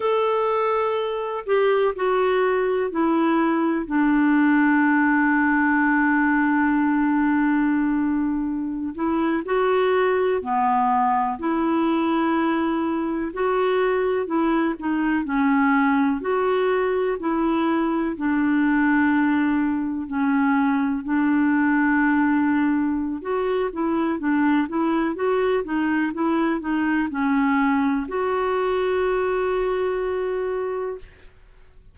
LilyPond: \new Staff \with { instrumentName = "clarinet" } { \time 4/4 \tempo 4 = 62 a'4. g'8 fis'4 e'4 | d'1~ | d'4~ d'16 e'8 fis'4 b4 e'16~ | e'4.~ e'16 fis'4 e'8 dis'8 cis'16~ |
cis'8. fis'4 e'4 d'4~ d'16~ | d'8. cis'4 d'2~ d'16 | fis'8 e'8 d'8 e'8 fis'8 dis'8 e'8 dis'8 | cis'4 fis'2. | }